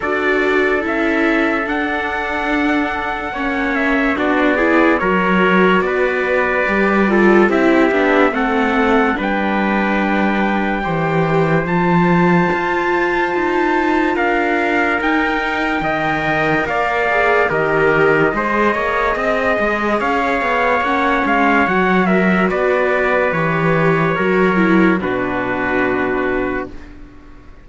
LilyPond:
<<
  \new Staff \with { instrumentName = "trumpet" } { \time 4/4 \tempo 4 = 72 d''4 e''4 fis''2~ | fis''8 e''8 d''4 cis''4 d''4~ | d''4 e''4 fis''4 g''4~ | g''2 a''2~ |
a''4 f''4 g''2 | f''4 dis''2. | f''4 fis''8 f''8 fis''8 e''8 d''4 | cis''2 b'2 | }
  \new Staff \with { instrumentName = "trumpet" } { \time 4/4 a'1 | cis''4 fis'8 gis'8 ais'4 b'4~ | b'8 a'8 g'4 a'4 b'4~ | b'4 c''2.~ |
c''4 ais'2 dis''4 | d''4 ais'4 c''8 cis''8 dis''4 | cis''2~ cis''8 ais'8 b'4~ | b'4 ais'4 fis'2 | }
  \new Staff \with { instrumentName = "viola" } { \time 4/4 fis'4 e'4 d'2 | cis'4 d'8 e'8 fis'2 | g'8 f'8 e'8 d'8 c'4 d'4~ | d'4 g'4 f'2~ |
f'2 dis'4 ais'4~ | ais'8 gis'8 g'4 gis'2~ | gis'4 cis'4 fis'2 | g'4 fis'8 e'8 d'2 | }
  \new Staff \with { instrumentName = "cello" } { \time 4/4 d'4 cis'4 d'2 | ais4 b4 fis4 b4 | g4 c'8 b8 a4 g4~ | g4 e4 f4 f'4 |
dis'4 d'4 dis'4 dis4 | ais4 dis4 gis8 ais8 c'8 gis8 | cis'8 b8 ais8 gis8 fis4 b4 | e4 fis4 b,2 | }
>>